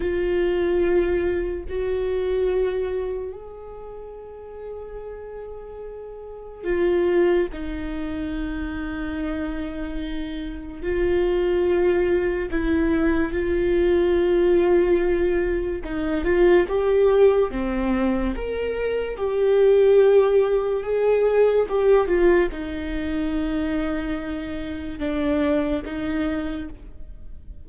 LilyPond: \new Staff \with { instrumentName = "viola" } { \time 4/4 \tempo 4 = 72 f'2 fis'2 | gis'1 | f'4 dis'2.~ | dis'4 f'2 e'4 |
f'2. dis'8 f'8 | g'4 c'4 ais'4 g'4~ | g'4 gis'4 g'8 f'8 dis'4~ | dis'2 d'4 dis'4 | }